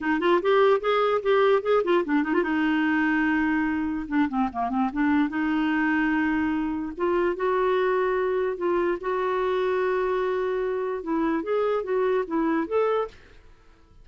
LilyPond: \new Staff \with { instrumentName = "clarinet" } { \time 4/4 \tempo 4 = 147 dis'8 f'8 g'4 gis'4 g'4 | gis'8 f'8 d'8 dis'16 f'16 dis'2~ | dis'2 d'8 c'8 ais8 c'8 | d'4 dis'2.~ |
dis'4 f'4 fis'2~ | fis'4 f'4 fis'2~ | fis'2. e'4 | gis'4 fis'4 e'4 a'4 | }